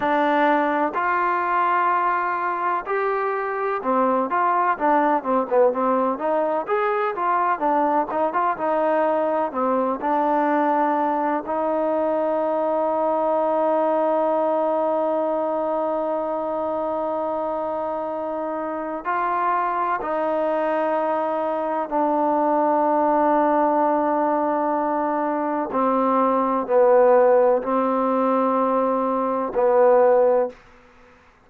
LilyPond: \new Staff \with { instrumentName = "trombone" } { \time 4/4 \tempo 4 = 63 d'4 f'2 g'4 | c'8 f'8 d'8 c'16 b16 c'8 dis'8 gis'8 f'8 | d'8 dis'16 f'16 dis'4 c'8 d'4. | dis'1~ |
dis'1 | f'4 dis'2 d'4~ | d'2. c'4 | b4 c'2 b4 | }